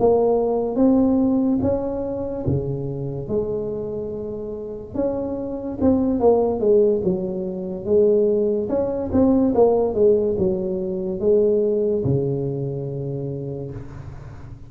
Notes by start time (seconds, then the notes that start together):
0.00 A#3
0.76 C4
1.62 C#4
2.47 C#3
3.29 G#3
4.95 C#4
5.81 C4
6.20 A#3
6.60 G#3
7.04 F#3
7.86 G#3
8.69 C#4
9.12 C4
9.55 A#3
9.94 G#3
10.39 F#3
11.20 G#3
12.05 C#3